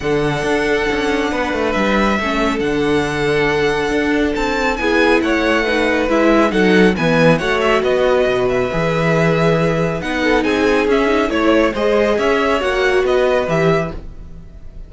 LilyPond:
<<
  \new Staff \with { instrumentName = "violin" } { \time 4/4 \tempo 4 = 138 fis''1 | e''2 fis''2~ | fis''2 a''4 gis''4 | fis''2 e''4 fis''4 |
gis''4 fis''8 e''8 dis''4. e''8~ | e''2. fis''4 | gis''4 e''4 cis''4 dis''4 | e''4 fis''4 dis''4 e''4 | }
  \new Staff \with { instrumentName = "violin" } { \time 4/4 a'2. b'4~ | b'4 a'2.~ | a'2. gis'4 | cis''4 b'2 a'4 |
b'4 cis''4 b'2~ | b'2.~ b'8 a'8 | gis'2 cis''4 c''4 | cis''2 b'2 | }
  \new Staff \with { instrumentName = "viola" } { \time 4/4 d'1~ | d'4 cis'4 d'2~ | d'2. e'4~ | e'4 dis'4 e'4 dis'4 |
b4 fis'2. | gis'2. dis'4~ | dis'4 cis'8 dis'8 e'4 gis'4~ | gis'4 fis'2 g'4 | }
  \new Staff \with { instrumentName = "cello" } { \time 4/4 d4 d'4 cis'4 b8 a8 | g4 a4 d2~ | d4 d'4 c'4 b4 | a2 gis4 fis4 |
e4 a4 b4 b,4 | e2. b4 | c'4 cis'4 a4 gis4 | cis'4 ais4 b4 e4 | }
>>